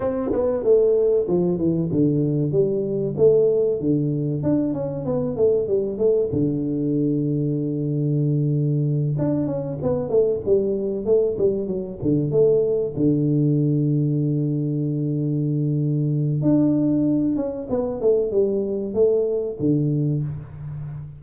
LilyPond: \new Staff \with { instrumentName = "tuba" } { \time 4/4 \tempo 4 = 95 c'8 b8 a4 f8 e8 d4 | g4 a4 d4 d'8 cis'8 | b8 a8 g8 a8 d2~ | d2~ d8 d'8 cis'8 b8 |
a8 g4 a8 g8 fis8 d8 a8~ | a8 d2.~ d8~ | d2 d'4. cis'8 | b8 a8 g4 a4 d4 | }